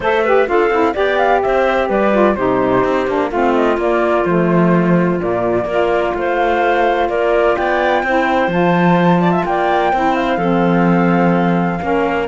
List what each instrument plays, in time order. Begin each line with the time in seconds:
0.00 cello A3, saxophone A4, clarinet C5, flute E5
0.24 saxophone G4, clarinet B4
0.46 cello D4, saxophone F4, clarinet A4, flute F5
0.70 cello C4, saxophone E4
0.93 cello B3, saxophone G4, clarinet D5, flute G5
1.17 flute F5
1.42 cello C4, clarinet C5, flute E5
1.87 cello G3, clarinet B4, flute D5
2.12 saxophone F4
2.35 cello C3, saxophone D#4, clarinet G4, flute C5
2.83 cello C4
3.07 cello A#3, saxophone D4
3.30 cello A3, saxophone C4, clarinet F4, flute F5
3.54 flute D#5
3.77 cello A#3, saxophone A#3, flute D5
4.24 cello F3, saxophone A3, flute C5
5.19 cello A#2, saxophone A#3, flute D5
5.64 cello A#3, saxophone F4, clarinet A#4
6.14 cello A3, clarinet C5, flute F5
7.08 cello A#3, clarinet A#4, flute D5
7.56 cello B3, clarinet D5, flute G5
8.03 cello C4, saxophone E4, clarinet C5
8.47 cello F3, saxophone F4, flute A5
9.21 clarinet D5
9.31 clarinet E5
9.45 cello A#3, clarinet D5, flute G5
9.92 cello C4, saxophone E4, clarinet C5
10.15 flute F5
10.37 cello F3, saxophone C4, clarinet A4
11.79 cello A#3, saxophone C#4, clarinet A#4